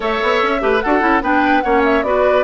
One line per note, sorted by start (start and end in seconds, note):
0.00 0.20 A3
0.00 0.59 A4
0.00 0.61 C#5
0.00 0.80 E5
0.22 0.42 B3
0.42 0.62 C#4
0.60 0.82 A3
0.60 0.80 G4
0.60 0.83 B4
0.80 1.02 D4
0.80 0.99 F#4
0.80 1.23 A4
0.80 1.21 F#5
0.99 1.21 C#4
0.99 1.20 E4
1.21 1.62 B3
1.21 1.63 D4
1.21 1.63 B4
1.21 1.61 G5
1.61 2.03 A#3
1.61 2.04 C#4
1.61 2.04 C#5
1.61 1.81 F#5
1.84 2.03 E5
2.03 2.43 B3
2.03 2.43 F#4
2.03 2.43 B4
2.03 2.43 D5